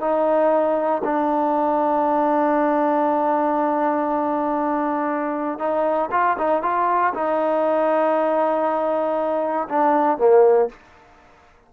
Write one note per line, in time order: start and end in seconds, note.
0.00 1.02 D#4
1.04 5.58 D4
5.58 6.09 D#4
6.11 6.36 F4
6.38 6.62 D#4
6.62 7.13 F4
7.13 9.68 D#4
9.69 10.17 D4
10.17 10.68 A#3